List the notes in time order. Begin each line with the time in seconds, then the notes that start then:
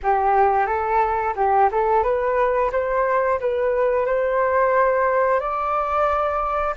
0.02 G4
0.66 A4
1.35 G4
1.71 A4
2.03 B4
2.72 C5
3.40 B4
4.06 C5
5.40 D5